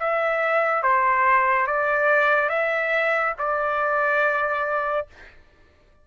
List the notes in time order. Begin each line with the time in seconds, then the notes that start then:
0.00 E5
0.83 C5
1.67 D5
2.50 E5
3.39 D5